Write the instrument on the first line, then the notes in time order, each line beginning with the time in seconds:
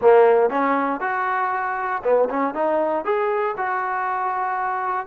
trombone
0.01 A#3
0.49 C#4
1.00 F#4
2.03 B3
2.29 C#4
2.54 D#4
3.04 G#4
3.57 F#4